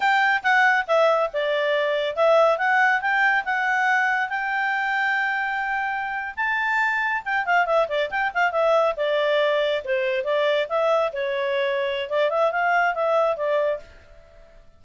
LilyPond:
\new Staff \with { instrumentName = "clarinet" } { \time 4/4 \tempo 4 = 139 g''4 fis''4 e''4 d''4~ | d''4 e''4 fis''4 g''4 | fis''2 g''2~ | g''2~ g''8. a''4~ a''16~ |
a''8. g''8 f''8 e''8 d''8 g''8 f''8 e''16~ | e''8. d''2 c''4 d''16~ | d''8. e''4 cis''2~ cis''16 | d''8 e''8 f''4 e''4 d''4 | }